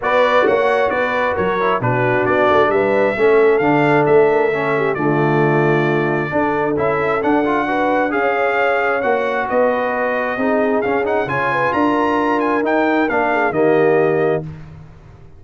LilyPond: <<
  \new Staff \with { instrumentName = "trumpet" } { \time 4/4 \tempo 4 = 133 d''4 fis''4 d''4 cis''4 | b'4 d''4 e''2 | f''4 e''2 d''4~ | d''2. e''4 |
fis''2 f''2 | fis''4 dis''2. | f''8 fis''8 gis''4 ais''4. gis''8 | g''4 f''4 dis''2 | }
  \new Staff \with { instrumentName = "horn" } { \time 4/4 b'4 cis''4 b'4 ais'4 | fis'2 b'4 a'4~ | a'4. ais'8 a'8 g'8 f'4~ | f'2 a'2~ |
a'4 b'4 cis''2~ | cis''4 b'2 gis'4~ | gis'4 cis''8 b'8 ais'2~ | ais'4. gis'8 g'2 | }
  \new Staff \with { instrumentName = "trombone" } { \time 4/4 fis'2.~ fis'8 e'8 | d'2. cis'4 | d'2 cis'4 a4~ | a2 d'4 e'4 |
d'8 f'8 fis'4 gis'2 | fis'2. dis'4 | cis'8 dis'8 f'2. | dis'4 d'4 ais2 | }
  \new Staff \with { instrumentName = "tuba" } { \time 4/4 b4 ais4 b4 fis4 | b,4 b8 a8 g4 a4 | d4 a2 d4~ | d2 d'4 cis'4 |
d'2 cis'2 | ais4 b2 c'4 | cis'4 cis4 d'2 | dis'4 ais4 dis2 | }
>>